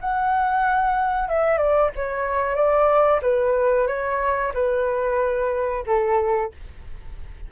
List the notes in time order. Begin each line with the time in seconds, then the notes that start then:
0.00 F#5
1.28 E5
1.57 D5
1.95 C#5
2.55 D5
3.22 B4
3.87 C#5
4.53 B4
5.86 A4